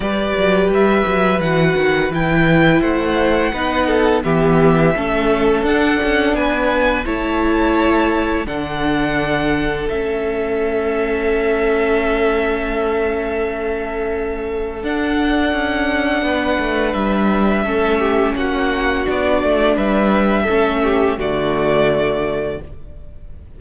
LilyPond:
<<
  \new Staff \with { instrumentName = "violin" } { \time 4/4 \tempo 4 = 85 d''4 e''4 fis''4 g''4 | fis''2 e''2 | fis''4 gis''4 a''2 | fis''2 e''2~ |
e''1~ | e''4 fis''2. | e''2 fis''4 d''4 | e''2 d''2 | }
  \new Staff \with { instrumentName = "violin" } { \time 4/4 b'1 | c''4 b'8 a'8 g'4 a'4~ | a'4 b'4 cis''2 | a'1~ |
a'1~ | a'2. b'4~ | b'4 a'8 g'8 fis'2 | b'4 a'8 g'8 fis'2 | }
  \new Staff \with { instrumentName = "viola" } { \time 4/4 g'2 fis'4 e'4~ | e'4 dis'4 b4 cis'4 | d'2 e'2 | d'2 cis'2~ |
cis'1~ | cis'4 d'2.~ | d'4 cis'2 d'4~ | d'4 cis'4 a2 | }
  \new Staff \with { instrumentName = "cello" } { \time 4/4 g8 fis8 g8 fis8 e8 dis8 e4 | a4 b4 e4 a4 | d'8 cis'8 b4 a2 | d2 a2~ |
a1~ | a4 d'4 cis'4 b8 a8 | g4 a4 ais4 b8 a8 | g4 a4 d2 | }
>>